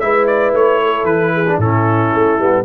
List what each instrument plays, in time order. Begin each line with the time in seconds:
0.00 tuba G#3, trombone E4, horn B4, trumpet E5
0.27 trumpet D5
0.53 tuba A3, trumpet C#5
0.83 horn A4
1.04 tuba E3, trumpet B4
1.34 horn G#4
1.49 trombone D4
1.58 tuba A2, trombone C#4, horn E4, trumpet A4
2.14 tuba A3
2.39 tuba G3, trombone B3